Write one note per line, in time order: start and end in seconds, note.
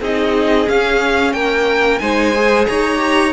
0.00 0.67 C4
0.00 0.67 D#4
0.00 1.34 G#4
0.00 0.68 D#5
0.67 2.00 C#4
0.67 1.33 C#4
0.67 1.32 F5
1.32 2.00 A#3
1.32 2.00 A#4
1.32 1.98 G5
1.98 2.67 G#3
1.98 2.33 D#4
1.98 2.67 C5
1.98 2.65 G#5
2.35 2.97 G#4
2.66 3.32 D#4
2.66 3.32 C#5
2.66 3.32 A#5
2.97 3.30 G4